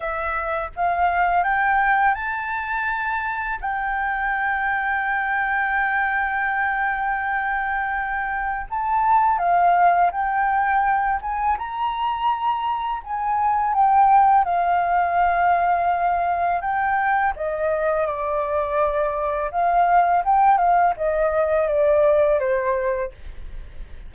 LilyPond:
\new Staff \with { instrumentName = "flute" } { \time 4/4 \tempo 4 = 83 e''4 f''4 g''4 a''4~ | a''4 g''2.~ | g''1 | a''4 f''4 g''4. gis''8 |
ais''2 gis''4 g''4 | f''2. g''4 | dis''4 d''2 f''4 | g''8 f''8 dis''4 d''4 c''4 | }